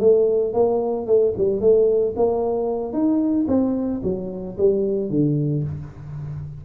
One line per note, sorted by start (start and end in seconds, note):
0.00 0.53 A3
0.53 1.06 A#3
1.06 1.33 A3
1.38 1.61 G3
1.61 2.14 A3
2.16 2.93 A#3
2.93 3.47 D#4
3.48 4.01 C4
4.03 4.57 F#3
4.58 5.10 G3
5.10 5.63 D3